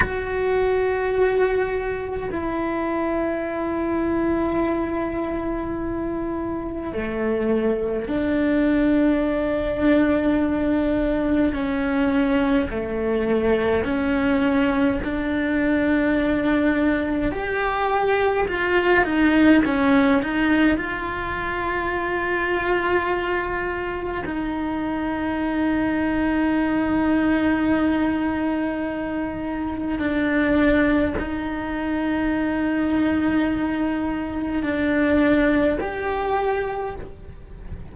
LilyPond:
\new Staff \with { instrumentName = "cello" } { \time 4/4 \tempo 4 = 52 fis'2 e'2~ | e'2 a4 d'4~ | d'2 cis'4 a4 | cis'4 d'2 g'4 |
f'8 dis'8 cis'8 dis'8 f'2~ | f'4 dis'2.~ | dis'2 d'4 dis'4~ | dis'2 d'4 g'4 | }